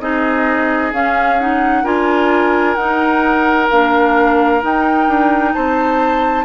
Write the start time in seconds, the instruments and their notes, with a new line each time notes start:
0.00 bassoon C4, clarinet D#4, oboe G#4, flute D#5
0.92 bassoon C#4, clarinet C#4, flute F5
1.40 clarinet D#4, flute F#5
1.84 bassoon D4, clarinet F4, oboe A#4, flute G#5
2.75 bassoon D#4, clarinet D#4, flute F#5
3.70 bassoon A#3, clarinet D4, flute F5
4.62 clarinet D#4, bassoon D#4, flute G5
5.08 bassoon D4
5.54 bassoon C4, oboe C5, flute A5